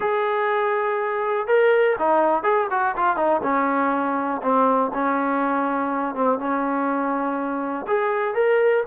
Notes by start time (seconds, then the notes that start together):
0.00 G#4
1.47 A#4
1.99 D#4
2.43 G#4
2.70 F#4
2.96 F4
3.16 D#4
3.42 C#4
4.42 C4
4.94 C#4
6.15 C4
6.38 C#4
7.87 G#4
8.34 A#4